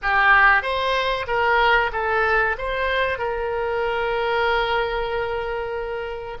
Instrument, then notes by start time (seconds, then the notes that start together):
oboe
0.02 G4
0.62 C5
1.27 A#4
1.92 A4
2.58 C5
3.18 A#4